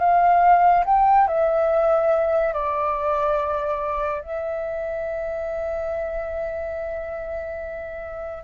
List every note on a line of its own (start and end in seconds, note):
0.00 0.85 F5
0.86 1.28 G5
1.28 2.54 E5
2.54 4.22 D5
4.22 8.44 E5